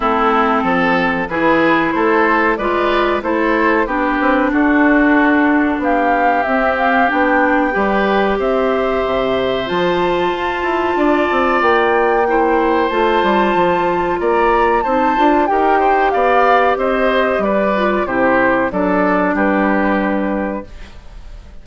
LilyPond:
<<
  \new Staff \with { instrumentName = "flute" } { \time 4/4 \tempo 4 = 93 a'2 b'4 c''4 | d''4 c''4 b'4 a'4~ | a'4 f''4 e''8 f''8 g''4~ | g''4 e''2 a''4~ |
a''2 g''2 | a''2 ais''4 a''4 | g''4 f''4 dis''4 d''4 | c''4 d''4 b'2 | }
  \new Staff \with { instrumentName = "oboe" } { \time 4/4 e'4 a'4 gis'4 a'4 | b'4 a'4 g'4 fis'4~ | fis'4 g'2. | b'4 c''2.~ |
c''4 d''2 c''4~ | c''2 d''4 c''4 | ais'8 c''8 d''4 c''4 b'4 | g'4 a'4 g'2 | }
  \new Staff \with { instrumentName = "clarinet" } { \time 4/4 c'2 e'2 | f'4 e'4 d'2~ | d'2 c'4 d'4 | g'2. f'4~ |
f'2. e'4 | f'2. dis'8 f'8 | g'2.~ g'8 f'8 | e'4 d'2. | }
  \new Staff \with { instrumentName = "bassoon" } { \time 4/4 a4 f4 e4 a4 | gis4 a4 b8 c'8 d'4~ | d'4 b4 c'4 b4 | g4 c'4 c4 f4 |
f'8 e'8 d'8 c'8 ais2 | a8 g8 f4 ais4 c'8 d'8 | dis'4 b4 c'4 g4 | c4 fis4 g2 | }
>>